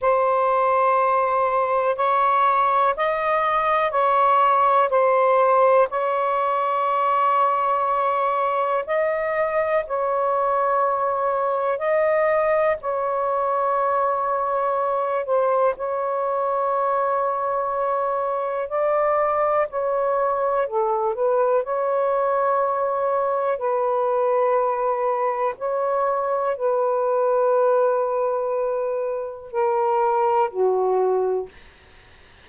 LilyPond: \new Staff \with { instrumentName = "saxophone" } { \time 4/4 \tempo 4 = 61 c''2 cis''4 dis''4 | cis''4 c''4 cis''2~ | cis''4 dis''4 cis''2 | dis''4 cis''2~ cis''8 c''8 |
cis''2. d''4 | cis''4 a'8 b'8 cis''2 | b'2 cis''4 b'4~ | b'2 ais'4 fis'4 | }